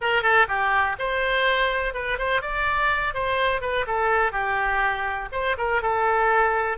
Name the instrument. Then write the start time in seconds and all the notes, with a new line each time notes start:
oboe
0.01 A#4
0.22 A4
0.48 G4
0.99 C5
1.94 B4
2.18 C5
2.41 D5
3.14 C5
3.61 B4
3.86 A4
4.32 G4
5.32 C5
5.57 A#4
5.82 A4